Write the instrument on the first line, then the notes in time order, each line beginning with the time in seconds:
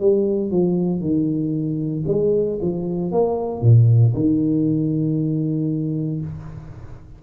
tuba
0.00 G3
0.51 F3
1.01 D#3
2.07 G#3
2.61 F3
3.11 A#3
3.62 A#2
4.14 D#3